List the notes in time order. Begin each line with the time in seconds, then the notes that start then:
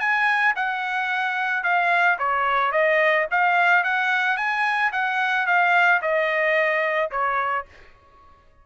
0.00 G#5
0.56 F#5
1.64 F5
2.19 C#5
2.72 D#5
3.31 F5
3.84 F#5
4.37 G#5
4.93 F#5
5.47 F5
6.02 D#5
7.11 C#5